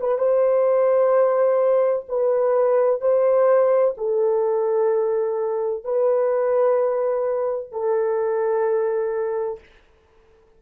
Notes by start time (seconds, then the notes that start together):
0.00 B4
0.18 C5
2.08 B4
3.01 C5
3.97 A4
5.84 B4
7.72 A4